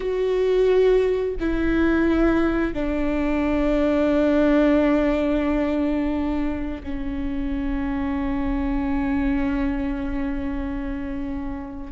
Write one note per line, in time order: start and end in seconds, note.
0.00 1.35 F#4
1.39 2.73 E4
2.73 6.82 D4
6.83 11.92 C#4